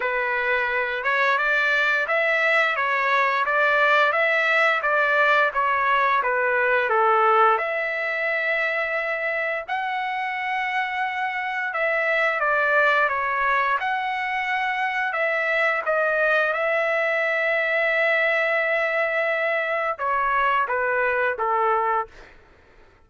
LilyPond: \new Staff \with { instrumentName = "trumpet" } { \time 4/4 \tempo 4 = 87 b'4. cis''8 d''4 e''4 | cis''4 d''4 e''4 d''4 | cis''4 b'4 a'4 e''4~ | e''2 fis''2~ |
fis''4 e''4 d''4 cis''4 | fis''2 e''4 dis''4 | e''1~ | e''4 cis''4 b'4 a'4 | }